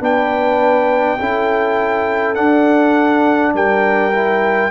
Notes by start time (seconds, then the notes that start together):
0.00 B3 D4 B4 G5
1.19 C#4 E4 A4
2.35 D4 F#5
3.53 G3 A#4 G5
4.12 E4